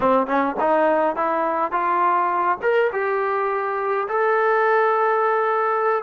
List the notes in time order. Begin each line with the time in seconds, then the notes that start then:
0.00 C4
0.26 C#4
0.60 D#4
1.16 E4
1.71 F4
2.62 A#4
2.92 G4
4.08 A4